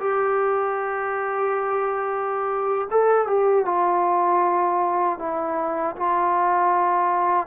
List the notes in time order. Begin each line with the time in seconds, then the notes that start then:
0.00 G4
2.91 A4
3.27 G4
3.65 F4
5.19 E4
5.97 F4